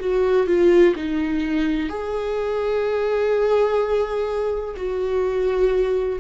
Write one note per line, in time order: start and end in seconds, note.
0.00 0.47 F#4
0.47 0.94 F4
0.96 1.89 D#4
1.89 4.75 G#4
4.76 6.19 F#4